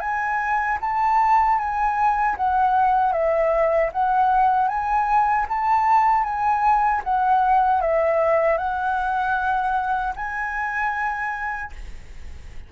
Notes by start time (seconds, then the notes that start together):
0.00 G#5
0.81 A5
1.58 G#5
2.37 F#5
3.12 E5
3.92 F#5
4.68 G#5
5.49 A5
6.24 G#5
7.04 F#5
7.81 E5
8.57 F#5
10.16 G#5